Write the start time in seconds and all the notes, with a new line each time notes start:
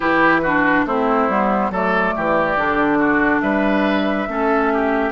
0.00 E3 E4 G4 B4
0.42 D4 F#4
0.85 A3 C4 E4 C5
1.28 G3 B3
1.70 F#3 A3 A4 D5
2.16 E3 G4
2.56 D3 D4
2.98 F#4
3.41 G3 B4 E5
4.28 A3 C#4 A4
4.73 G4